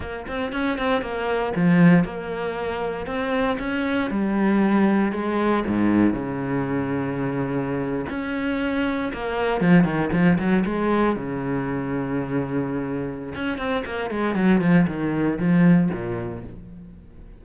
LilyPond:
\new Staff \with { instrumentName = "cello" } { \time 4/4 \tempo 4 = 117 ais8 c'8 cis'8 c'8 ais4 f4 | ais2 c'4 cis'4 | g2 gis4 gis,4 | cis2.~ cis8. cis'16~ |
cis'4.~ cis'16 ais4 f8 dis8 f16~ | f16 fis8 gis4 cis2~ cis16~ | cis2 cis'8 c'8 ais8 gis8 | fis8 f8 dis4 f4 ais,4 | }